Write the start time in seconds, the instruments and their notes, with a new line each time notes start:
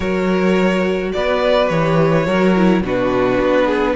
0.00 cello F#3, viola F#4, violin A#4 C#5
1.12 cello B3, violin B4 D5
1.69 cello E3, viola G4, violin C#5
2.26 cello F#3, viola F#4, violin A#4
2.55 viola E4
2.82 cello B2, viola D4, violin F#4 B4
3.40 cello B3
3.65 violin G#4